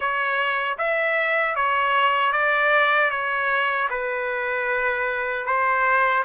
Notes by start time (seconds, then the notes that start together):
0.00 C#5
0.78 E5
1.55 C#5
2.32 D5
3.10 C#5
3.90 B4
5.46 C5